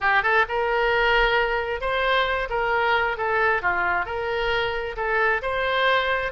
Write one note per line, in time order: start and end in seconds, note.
0.01 0.23 G4
0.23 0.45 A4
0.48 1.80 A#4
1.80 2.48 C5
2.49 3.17 A#4
3.17 3.62 A4
3.62 4.05 F4
4.05 4.95 A#4
4.96 5.41 A4
5.42 6.32 C5